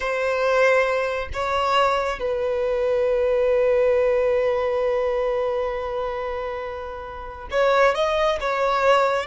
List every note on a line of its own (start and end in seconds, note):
0.00 1.29 C5
1.33 2.19 C#5
2.19 7.48 B4
7.50 7.94 C#5
7.94 8.38 D#5
8.40 9.26 C#5